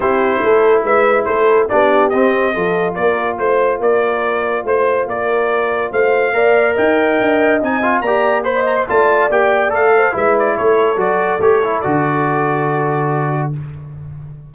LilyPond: <<
  \new Staff \with { instrumentName = "trumpet" } { \time 4/4 \tempo 4 = 142 c''2 e''4 c''4 | d''4 dis''2 d''4 | c''4 d''2 c''4 | d''2 f''2 |
g''2 gis''4 ais''4 | b''8 ais''16 c'''16 a''4 g''4 f''4 | e''8 d''8 cis''4 d''4 cis''4 | d''1 | }
  \new Staff \with { instrumentName = "horn" } { \time 4/4 g'4 a'4 b'4 a'4 | g'2 a'4 ais'4 | c''4 ais'2 c''4 | ais'2 c''4 d''4 |
dis''2. d''4 | c''16 dis''8. d''2~ d''8 c''8 | b'4 a'2.~ | a'1 | }
  \new Staff \with { instrumentName = "trombone" } { \time 4/4 e'1 | d'4 c'4 f'2~ | f'1~ | f'2. ais'4~ |
ais'2 dis'8 f'8 g'4 | c''4 f'4 g'4 a'4 | e'2 fis'4 g'8 e'8 | fis'1 | }
  \new Staff \with { instrumentName = "tuba" } { \time 4/4 c'4 a4 gis4 a4 | b4 c'4 f4 ais4 | a4 ais2 a4 | ais2 a4 ais4 |
dis'4 d'4 c'4 ais4~ | ais4 a4 ais4 a4 | gis4 a4 fis4 a4 | d1 | }
>>